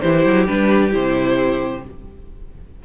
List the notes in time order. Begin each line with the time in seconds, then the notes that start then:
0.00 E3 E4 G4 C5
0.25 F#3
0.47 G3 D4 B4
0.90 C3 E4 C5